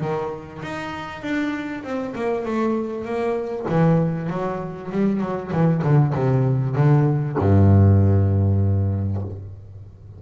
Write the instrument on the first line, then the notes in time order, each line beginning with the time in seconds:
double bass
0.00 D#3
0.62 D#4
1.22 D4
1.83 C4
2.15 A#3
2.45 A3
3.04 A#3
3.68 E3
4.29 F#3
4.91 G3
5.20 F#3
5.52 E3
5.83 D3
6.14 C3
6.75 D3
7.38 G2